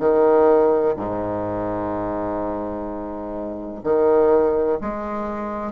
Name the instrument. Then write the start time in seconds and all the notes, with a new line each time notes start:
bassoon
0.00 D#3
0.97 G#2
3.84 D#3
4.81 G#3